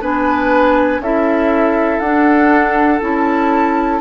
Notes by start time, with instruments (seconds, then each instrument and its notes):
0.00 bassoon B3, clarinet D4, oboe B4, flute G#5
0.99 bassoon C#4, clarinet E4, oboe A4, flute E5
1.99 bassoon D4, clarinet D4, flute F#5
3.01 bassoon C#4, clarinet E4, flute A5